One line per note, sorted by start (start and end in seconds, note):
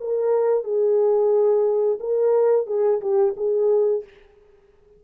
0.00 0.63 A#4
0.63 1.99 G#4
1.99 2.66 A#4
2.66 3.00 G#4
3.01 3.34 G4
3.36 4.04 G#4